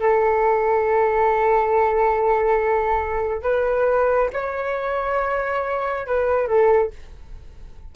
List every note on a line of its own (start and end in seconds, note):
0.00 3.43 A4
3.43 4.30 B4
4.33 6.07 C#5
6.07 6.47 B4
6.47 6.91 A4